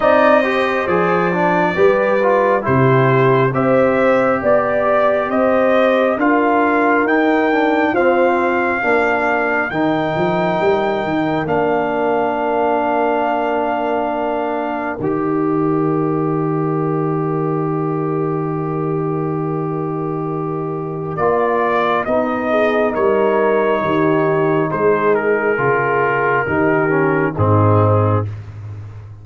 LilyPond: <<
  \new Staff \with { instrumentName = "trumpet" } { \time 4/4 \tempo 4 = 68 dis''4 d''2 c''4 | e''4 d''4 dis''4 f''4 | g''4 f''2 g''4~ | g''4 f''2.~ |
f''4 dis''2.~ | dis''1 | d''4 dis''4 cis''2 | c''8 ais'2~ ais'8 gis'4 | }
  \new Staff \with { instrumentName = "horn" } { \time 4/4 d''8 c''4. b'4 g'4 | c''4 d''4 c''4 ais'4~ | ais'4 c''4 ais'2~ | ais'1~ |
ais'1~ | ais'1~ | ais'4. gis'8 ais'4 g'4 | gis'2 g'4 dis'4 | }
  \new Staff \with { instrumentName = "trombone" } { \time 4/4 dis'8 g'8 gis'8 d'8 g'8 f'8 e'4 | g'2. f'4 | dis'8 d'8 c'4 d'4 dis'4~ | dis'4 d'2.~ |
d'4 g'2.~ | g'1 | f'4 dis'2.~ | dis'4 f'4 dis'8 cis'8 c'4 | }
  \new Staff \with { instrumentName = "tuba" } { \time 4/4 c'4 f4 g4 c4 | c'4 b4 c'4 d'4 | dis'4 f'4 ais4 dis8 f8 | g8 dis8 ais2.~ |
ais4 dis2.~ | dis1 | ais4 b4 g4 dis4 | gis4 cis4 dis4 gis,4 | }
>>